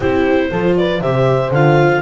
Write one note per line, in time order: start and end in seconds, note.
0.00 0.50 C4
0.00 0.52 E4
0.00 0.49 G4
0.00 0.77 C5
0.51 1.01 F3
0.51 1.02 F4
0.51 0.76 A4
0.77 1.01 B4
0.77 1.01 D5
1.01 1.51 C3
1.01 1.54 G4
1.01 2.01 C5
1.01 1.52 E5
1.51 2.01 D3
1.51 2.01 F4
1.51 2.01 F5